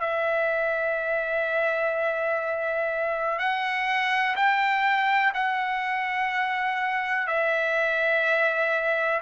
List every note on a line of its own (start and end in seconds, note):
0.00 3.39 E5
3.39 4.35 F#5
4.36 5.33 G5
5.34 7.27 F#5
7.27 9.21 E5